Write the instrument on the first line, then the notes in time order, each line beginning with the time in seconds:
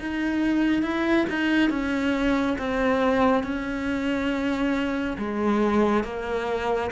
cello
0.00 D#4
0.83 E4
1.30 D#4
1.70 C#4
2.58 C4
3.43 C#4
5.18 G#3
6.04 A#3